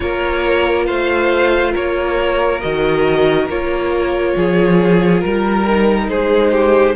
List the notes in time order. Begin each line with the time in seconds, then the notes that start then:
0.00 A#3 F4 A#4 C#5
0.86 A3 C5 F5
1.71 A#3 A#4 C#5
2.61 D#3 F#4 D#5
3.47 A#3 F4 C#5
4.36 F3 G#4
5.20 G3 A#4
5.67 D#4
6.08 G#3 G#4 C5
6.51 G4